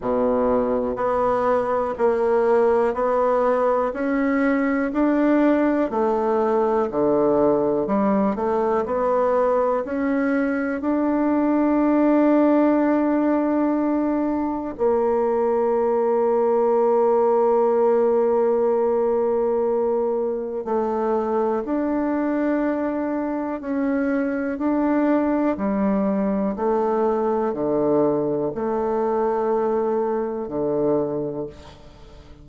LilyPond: \new Staff \with { instrumentName = "bassoon" } { \time 4/4 \tempo 4 = 61 b,4 b4 ais4 b4 | cis'4 d'4 a4 d4 | g8 a8 b4 cis'4 d'4~ | d'2. ais4~ |
ais1~ | ais4 a4 d'2 | cis'4 d'4 g4 a4 | d4 a2 d4 | }